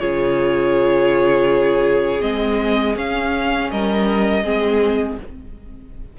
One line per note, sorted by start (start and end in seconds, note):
0.00 2.22 C#3
0.00 2.21 F4
0.00 3.71 G#4
0.00 2.22 C#5
2.21 2.96 G#3
2.21 2.95 C4
2.21 2.96 D#5
2.96 3.70 C#4
2.96 4.44 C#4
2.96 3.71 F5
3.71 4.44 G3
3.71 4.44 A#4
3.71 5.19 D#5
4.44 5.19 G#3
4.44 5.18 C4
4.44 5.18 G#4